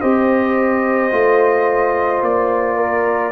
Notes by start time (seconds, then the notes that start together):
0.00 C4 G4 C5 D#5
1.11 A3 F4
2.21 A#3 D5
2.76 A#4